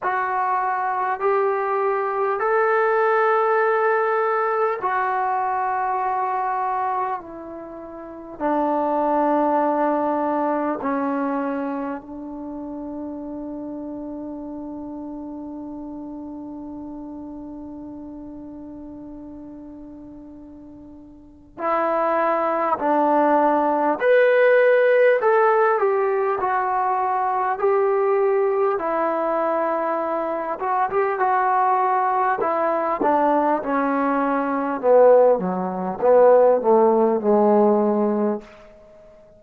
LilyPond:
\new Staff \with { instrumentName = "trombone" } { \time 4/4 \tempo 4 = 50 fis'4 g'4 a'2 | fis'2 e'4 d'4~ | d'4 cis'4 d'2~ | d'1~ |
d'2 e'4 d'4 | b'4 a'8 g'8 fis'4 g'4 | e'4. fis'16 g'16 fis'4 e'8 d'8 | cis'4 b8 fis8 b8 a8 gis4 | }